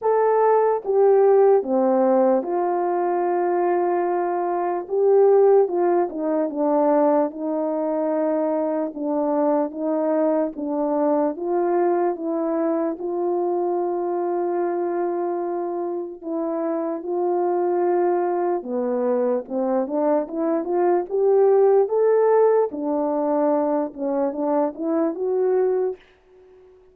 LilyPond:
\new Staff \with { instrumentName = "horn" } { \time 4/4 \tempo 4 = 74 a'4 g'4 c'4 f'4~ | f'2 g'4 f'8 dis'8 | d'4 dis'2 d'4 | dis'4 d'4 f'4 e'4 |
f'1 | e'4 f'2 b4 | c'8 d'8 e'8 f'8 g'4 a'4 | d'4. cis'8 d'8 e'8 fis'4 | }